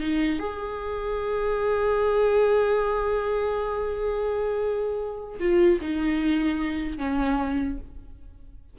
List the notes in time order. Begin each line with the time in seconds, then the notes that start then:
0.00 D#4
0.39 G#4
5.39 F4
5.81 D#4
6.97 C#4